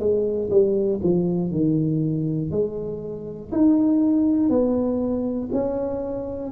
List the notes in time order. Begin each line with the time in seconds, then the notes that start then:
0.00 G#3
0.51 G3
1.04 F3
1.51 D#3
2.51 G#3
3.52 D#4
4.50 B3
5.53 C#4